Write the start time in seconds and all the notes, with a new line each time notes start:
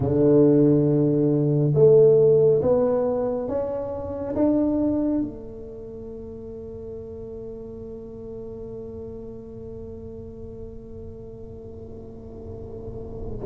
0.00 D3
1.74 A3
2.61 B3
3.48 C#4
4.35 D4
5.21 A3